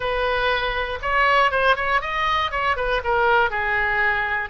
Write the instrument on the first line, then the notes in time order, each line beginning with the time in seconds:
oboe
0.00 B4
1.02 C#5
1.51 C5
1.76 C#5
2.01 D#5
2.51 C#5
2.76 B4
3.04 A#4
3.50 G#4